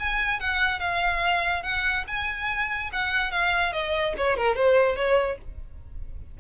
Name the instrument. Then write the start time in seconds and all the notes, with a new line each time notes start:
violin
0.00 G#5
0.41 F#5
0.80 F5
1.63 F#5
2.08 G#5
2.93 F#5
3.32 F5
3.73 D#5
4.17 C#5
4.37 A#4
4.56 C5
4.96 C#5